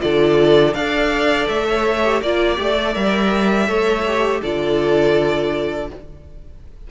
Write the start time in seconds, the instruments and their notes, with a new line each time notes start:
0.00 cello D3, viola F4, violin A4 D5
0.74 cello D4, viola A4, violin D5 F5
1.49 cello A3, violin E5
1.69 violin C#5
2.05 viola G4
2.21 cello A#3, viola F4, violin D5
2.56 cello A3, viola G4
2.76 viola A4
2.94 cello G3, viola A#4, violin E5
3.68 cello A3, viola A4, violin C#5
4.08 viola G4
4.41 cello D3, viola F4, violin A4 D5